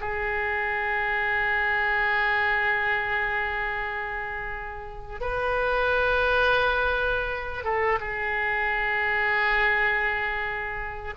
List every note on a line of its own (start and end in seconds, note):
0.00 5.20 G#4
5.20 7.64 B4
7.64 7.99 A4
8.00 11.14 G#4